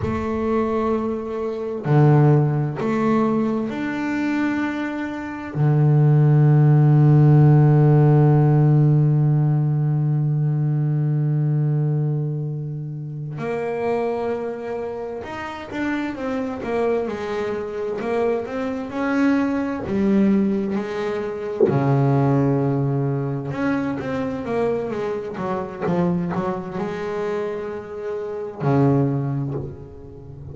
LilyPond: \new Staff \with { instrumentName = "double bass" } { \time 4/4 \tempo 4 = 65 a2 d4 a4 | d'2 d2~ | d1~ | d2~ d8 ais4.~ |
ais8 dis'8 d'8 c'8 ais8 gis4 ais8 | c'8 cis'4 g4 gis4 cis8~ | cis4. cis'8 c'8 ais8 gis8 fis8 | f8 fis8 gis2 cis4 | }